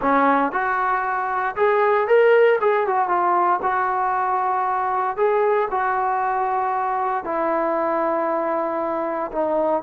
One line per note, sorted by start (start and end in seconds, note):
0.01 0.52 C#4
0.52 1.55 F#4
1.55 2.07 G#4
2.07 2.59 A#4
2.61 2.86 G#4
2.86 3.08 F#4
3.08 3.60 F4
3.62 5.16 F#4
5.16 5.68 G#4
5.70 7.24 F#4
7.24 9.31 E4
9.32 9.82 D#4